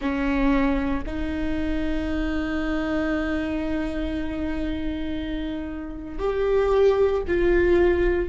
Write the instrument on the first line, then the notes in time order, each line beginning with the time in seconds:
viola
0.00 C#4
1.06 D#4
6.18 G4
7.27 F4